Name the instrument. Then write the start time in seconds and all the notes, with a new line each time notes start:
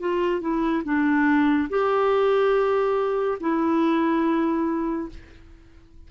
clarinet
0.00 F4
0.41 E4
0.84 D4
1.69 G4
3.40 E4